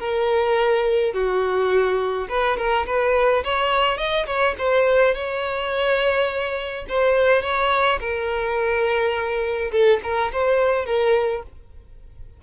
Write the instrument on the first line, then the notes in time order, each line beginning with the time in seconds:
violin
0.00 A#4
1.14 F#4
2.29 B4
2.58 A#4
2.87 B4
3.44 C#5
3.98 D#5
4.27 C#5
4.59 C5
5.15 C#5
6.89 C5
7.43 C#5
8.00 A#4
9.72 A4
10.04 A#4
10.33 C5
10.86 A#4